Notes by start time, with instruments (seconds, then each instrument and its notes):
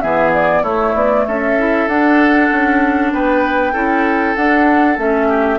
0.00 bassoon E3, clarinet B3, oboe G#4, flute E5
0.33 flute D5
0.62 bassoon A3, clarinet A3, oboe E4, flute C#5
0.94 bassoon B3, flute D5
1.27 bassoon C#4, oboe A4, flute E5
1.57 clarinet E4
1.87 bassoon D4, clarinet D4, flute F#5
2.51 bassoon C#4
3.12 bassoon B3, oboe B4, flute G5
3.72 bassoon C#4, clarinet E4, oboe A4
4.35 bassoon D4, clarinet D4, flute F#5
4.97 bassoon A3, clarinet C#4, flute E5
5.28 oboe G4